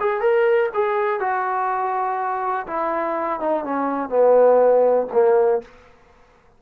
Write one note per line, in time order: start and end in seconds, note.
0.00 0.21 G#4
0.21 0.70 A#4
0.74 1.20 G#4
1.20 2.67 F#4
2.67 3.40 E4
3.40 3.64 D#4
3.65 4.09 C#4
4.09 5.07 B3
5.13 5.62 A#3